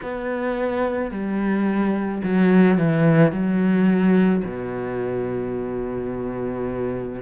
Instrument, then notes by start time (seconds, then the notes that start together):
cello
0.02 B3
1.11 G3
2.23 F#3
2.77 E3
3.32 F#3
4.44 B2